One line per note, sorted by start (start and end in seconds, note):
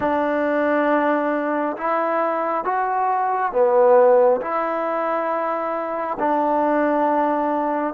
0.00 1.76 D4
1.76 2.64 E4
2.64 3.52 F#4
3.52 4.40 B3
4.41 6.17 E4
6.19 7.94 D4